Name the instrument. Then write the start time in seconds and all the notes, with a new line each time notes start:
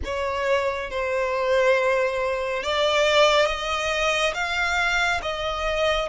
violin
0.04 C#5
0.90 C5
2.63 D5
3.46 D#5
4.34 F5
5.22 D#5